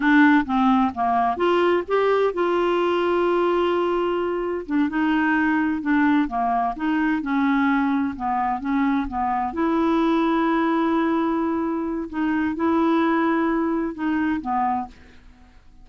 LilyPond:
\new Staff \with { instrumentName = "clarinet" } { \time 4/4 \tempo 4 = 129 d'4 c'4 ais4 f'4 | g'4 f'2.~ | f'2 d'8 dis'4.~ | dis'8 d'4 ais4 dis'4 cis'8~ |
cis'4. b4 cis'4 b8~ | b8 e'2.~ e'8~ | e'2 dis'4 e'4~ | e'2 dis'4 b4 | }